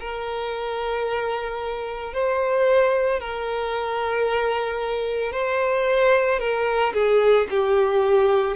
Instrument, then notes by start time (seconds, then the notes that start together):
violin
0.00 A#4
2.14 C5
3.20 A#4
5.32 C5
6.39 A#4
6.94 G#4
7.50 G4